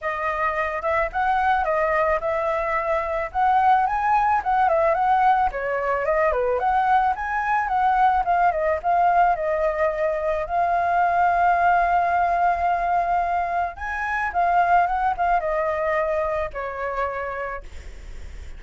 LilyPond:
\new Staff \with { instrumentName = "flute" } { \time 4/4 \tempo 4 = 109 dis''4. e''8 fis''4 dis''4 | e''2 fis''4 gis''4 | fis''8 e''8 fis''4 cis''4 dis''8 b'8 | fis''4 gis''4 fis''4 f''8 dis''8 |
f''4 dis''2 f''4~ | f''1~ | f''4 gis''4 f''4 fis''8 f''8 | dis''2 cis''2 | }